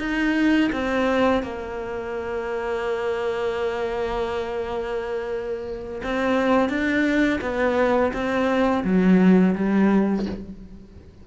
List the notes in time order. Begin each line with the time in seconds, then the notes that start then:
0.00 D#4
0.73 C4
1.43 A#3
6.04 C4
6.69 D4
7.41 B3
8.13 C4
8.84 F#3
9.56 G3